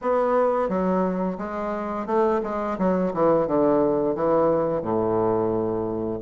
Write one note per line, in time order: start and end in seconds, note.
0.01 0.68 B3
0.68 1.37 F#3
1.38 2.06 G#3
2.06 2.40 A3
2.43 2.77 G#3
2.78 3.13 F#3
3.13 3.47 E3
3.47 4.15 D3
4.15 4.82 E3
4.82 6.20 A2